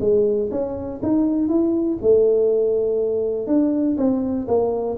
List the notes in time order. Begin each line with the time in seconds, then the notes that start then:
0.00 G#3
0.51 C#4
1.02 D#4
1.48 E4
2.02 A3
3.47 D4
3.97 C4
4.48 A#3